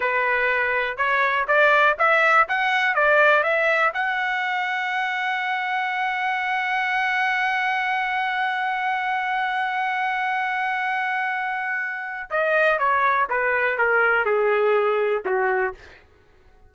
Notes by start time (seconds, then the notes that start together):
0.00 B4
0.97 C#5
1.47 D5
1.98 E5
2.48 F#5
2.95 D5
3.43 E5
3.93 F#5
12.30 D#5
12.78 C#5
13.29 B4
13.77 A#4
14.25 G#4
15.25 F#4